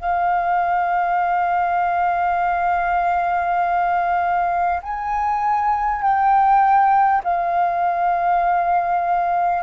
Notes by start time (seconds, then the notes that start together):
0.00 F5
4.83 G#5
6.02 G5
7.24 F5